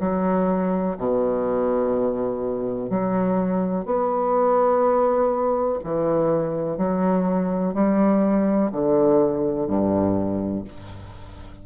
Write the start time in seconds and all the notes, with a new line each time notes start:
0.00 F#3
0.98 B2
2.90 F#3
3.86 B3
5.84 E3
6.77 F#3
7.74 G3
8.72 D3
9.68 G2